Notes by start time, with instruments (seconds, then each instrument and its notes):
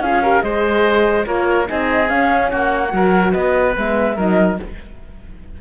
0.00 cello C#4, horn F4, oboe G#4, flute F5
0.23 horn G4, oboe A#4
0.41 cello G#3, horn G#4, oboe C5, flute D#5
1.26 cello A#3, horn F4, oboe A#4, flute C#5
1.68 cello C4, horn D#4, oboe G#4, flute D#5
2.07 horn C#4, cello C#4, flute F5
2.51 cello A#3, oboe F#4, flute F#5
2.91 cello F#3, horn F#4, oboe A#4
3.32 cello B3, oboe B4, flute D#5
3.77 cello G#3, horn B3, flute E5
4.16 cello F#3, horn D#4, oboe A#4, flute D#5